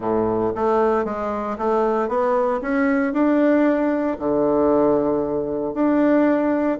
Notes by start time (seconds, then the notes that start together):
0.00 A2
0.55 A3
1.04 G#3
1.57 A3
2.08 B3
2.61 C#4
3.13 D4
4.19 D3
5.74 D4